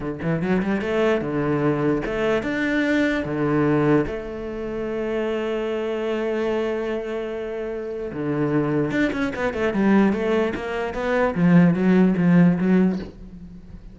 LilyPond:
\new Staff \with { instrumentName = "cello" } { \time 4/4 \tempo 4 = 148 d8 e8 fis8 g8 a4 d4~ | d4 a4 d'2 | d2 a2~ | a1~ |
a1 | d2 d'8 cis'8 b8 a8 | g4 a4 ais4 b4 | f4 fis4 f4 fis4 | }